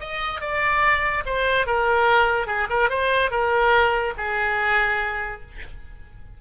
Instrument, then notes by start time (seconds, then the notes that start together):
oboe
0.00 D#5
0.40 D5
1.25 C5
1.66 A#4
2.47 G#4
2.69 A#4
2.89 C5
3.30 A#4
4.17 G#4